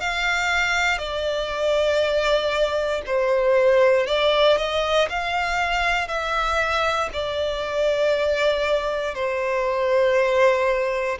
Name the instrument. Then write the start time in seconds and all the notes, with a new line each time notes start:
violin
0.00 F5
0.98 D5
3.06 C5
4.06 D5
4.57 D#5
5.09 F5
6.07 E5
7.13 D5
9.14 C5